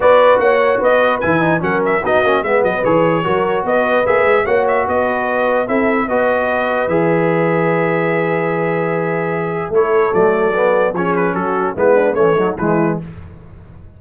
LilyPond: <<
  \new Staff \with { instrumentName = "trumpet" } { \time 4/4 \tempo 4 = 148 d''4 fis''4 dis''4 gis''4 | fis''8 e''8 dis''4 e''8 dis''8 cis''4~ | cis''4 dis''4 e''4 fis''8 e''8 | dis''2 e''4 dis''4~ |
dis''4 e''2.~ | e''1 | cis''4 d''2 cis''8 b'8 | a'4 b'4 cis''4 b'4 | }
  \new Staff \with { instrumentName = "horn" } { \time 4/4 b'4 cis''4 b'2 | ais'4 fis'4 b'2 | ais'4 b'2 cis''4 | b'2 a'4 b'4~ |
b'1~ | b'1 | a'2. gis'4 | fis'4 e'8 d'8 cis'8 dis'8 e'4 | }
  \new Staff \with { instrumentName = "trombone" } { \time 4/4 fis'2. e'8 dis'8 | cis'4 dis'8 cis'8 b4 gis'4 | fis'2 gis'4 fis'4~ | fis'2 e'4 fis'4~ |
fis'4 gis'2.~ | gis'1 | e'4 a4 b4 cis'4~ | cis'4 b4 e8 fis8 gis4 | }
  \new Staff \with { instrumentName = "tuba" } { \time 4/4 b4 ais4 b4 e4 | fis4 b8 ais8 gis8 fis8 e4 | fis4 b4 ais8 gis8 ais4 | b2 c'4 b4~ |
b4 e2.~ | e1 | a4 fis2 f4 | fis4 gis4 a4 e4 | }
>>